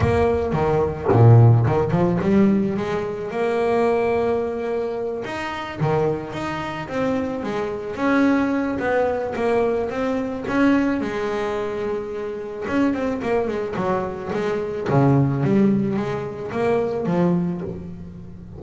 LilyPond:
\new Staff \with { instrumentName = "double bass" } { \time 4/4 \tempo 4 = 109 ais4 dis4 ais,4 dis8 f8 | g4 gis4 ais2~ | ais4. dis'4 dis4 dis'8~ | dis'8 c'4 gis4 cis'4. |
b4 ais4 c'4 cis'4 | gis2. cis'8 c'8 | ais8 gis8 fis4 gis4 cis4 | g4 gis4 ais4 f4 | }